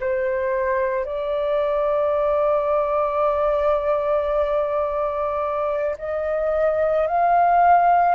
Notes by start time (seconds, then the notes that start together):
0.00 C5
1.06 D5
5.98 D#5
7.07 F5